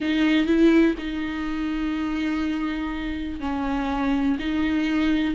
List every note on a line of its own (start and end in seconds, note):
0.00 0.46 D#4
0.46 0.95 E4
0.98 3.39 D#4
3.39 4.37 C#4
4.39 5.34 D#4